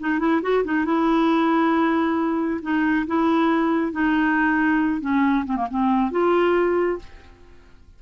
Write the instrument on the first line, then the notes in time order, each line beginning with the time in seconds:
clarinet
0.00 D#4
0.19 E4
0.42 F#4
0.65 D#4
0.85 E4
2.62 D#4
3.07 E4
3.92 D#4
5.01 C#4
5.46 C4
5.57 A#3
5.70 C4
6.11 F4